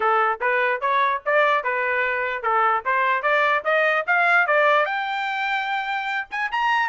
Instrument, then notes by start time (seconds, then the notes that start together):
trumpet
0.00 A4
0.41 B4
0.80 C#5
1.25 D5
1.63 B4
2.42 A4
2.85 C5
3.22 D5
3.64 D#5
4.06 F5
4.46 D5
4.85 G5
6.31 G#5
6.51 A#5